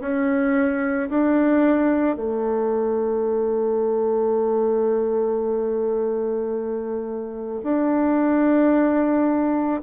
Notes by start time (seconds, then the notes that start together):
0.00 C#4
1.10 D4
2.16 A3
7.63 D4